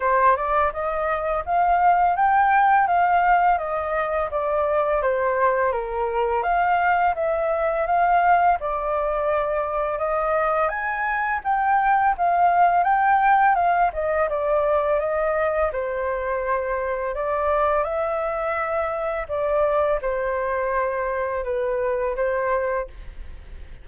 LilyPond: \new Staff \with { instrumentName = "flute" } { \time 4/4 \tempo 4 = 84 c''8 d''8 dis''4 f''4 g''4 | f''4 dis''4 d''4 c''4 | ais'4 f''4 e''4 f''4 | d''2 dis''4 gis''4 |
g''4 f''4 g''4 f''8 dis''8 | d''4 dis''4 c''2 | d''4 e''2 d''4 | c''2 b'4 c''4 | }